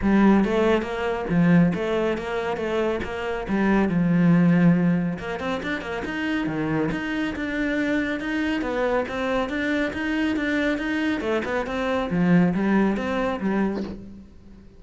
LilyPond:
\new Staff \with { instrumentName = "cello" } { \time 4/4 \tempo 4 = 139 g4 a4 ais4 f4 | a4 ais4 a4 ais4 | g4 f2. | ais8 c'8 d'8 ais8 dis'4 dis4 |
dis'4 d'2 dis'4 | b4 c'4 d'4 dis'4 | d'4 dis'4 a8 b8 c'4 | f4 g4 c'4 g4 | }